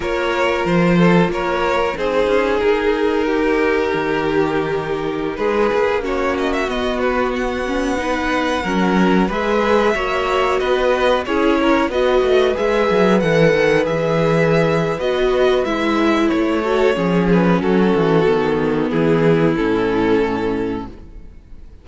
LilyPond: <<
  \new Staff \with { instrumentName = "violin" } { \time 4/4 \tempo 4 = 92 cis''4 c''4 cis''4 c''4 | ais'1~ | ais'16 b'4 cis''8 dis''16 e''16 dis''8 b'8 fis''8.~ | fis''2~ fis''16 e''4.~ e''16~ |
e''16 dis''4 cis''4 dis''4 e''8.~ | e''16 fis''4 e''4.~ e''16 dis''4 | e''4 cis''4. b'8 a'4~ | a'4 gis'4 a'2 | }
  \new Staff \with { instrumentName = "violin" } { \time 4/4 ais'4. a'8 ais'4 gis'4~ | gis'4 g'2.~ | g'16 gis'4 fis'2~ fis'8.~ | fis'16 b'4 ais'4 b'4 cis''8.~ |
cis''16 b'4 gis'8 ais'8 b'4.~ b'16~ | b'1~ | b'4. a'8 gis'4 fis'4~ | fis'4 e'2. | }
  \new Staff \with { instrumentName = "viola" } { \time 4/4 f'2. dis'4~ | dis'1~ | dis'4~ dis'16 cis'4 b4. cis'16~ | cis'16 dis'4 cis'4 gis'4 fis'8.~ |
fis'4~ fis'16 e'4 fis'4 gis'8.~ | gis'16 a'4 gis'4.~ gis'16 fis'4 | e'4. fis'8 cis'2 | b2 cis'2 | }
  \new Staff \with { instrumentName = "cello" } { \time 4/4 ais4 f4 ais4 c'8 cis'8 | dis'2 dis2~ | dis16 gis8 ais4. b4.~ b16~ | b4~ b16 fis4 gis4 ais8.~ |
ais16 b4 cis'4 b8 a8 gis8 fis16~ | fis16 e8 dis8 e4.~ e16 b4 | gis4 a4 f4 fis8 e8 | dis4 e4 a,2 | }
>>